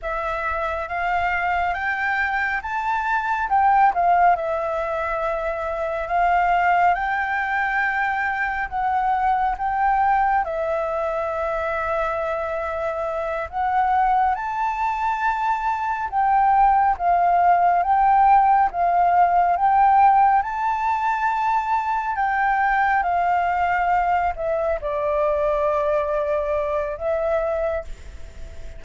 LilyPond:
\new Staff \with { instrumentName = "flute" } { \time 4/4 \tempo 4 = 69 e''4 f''4 g''4 a''4 | g''8 f''8 e''2 f''4 | g''2 fis''4 g''4 | e''2.~ e''8 fis''8~ |
fis''8 a''2 g''4 f''8~ | f''8 g''4 f''4 g''4 a''8~ | a''4. g''4 f''4. | e''8 d''2~ d''8 e''4 | }